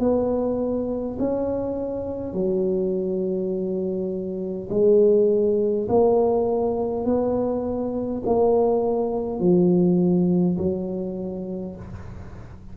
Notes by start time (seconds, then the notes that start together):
0.00 B3
1.19 C#4
2.34 F#3
4.71 G#3
5.89 A#3
7.05 B3
8.26 A#3
9.40 F3
10.58 F#3